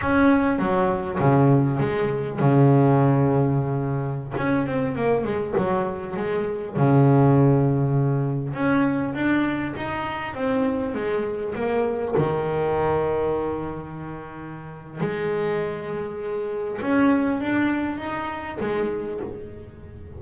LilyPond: \new Staff \with { instrumentName = "double bass" } { \time 4/4 \tempo 4 = 100 cis'4 fis4 cis4 gis4 | cis2.~ cis16 cis'8 c'16~ | c'16 ais8 gis8 fis4 gis4 cis8.~ | cis2~ cis16 cis'4 d'8.~ |
d'16 dis'4 c'4 gis4 ais8.~ | ais16 dis2.~ dis8.~ | dis4 gis2. | cis'4 d'4 dis'4 gis4 | }